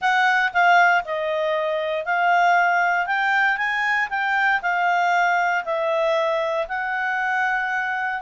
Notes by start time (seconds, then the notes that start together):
0.01 F#5
0.53 F5
1.04 D#5
2.05 F5
3.06 G5
3.57 G#5
4.09 G5
4.62 F5
5.64 E5
6.67 F#5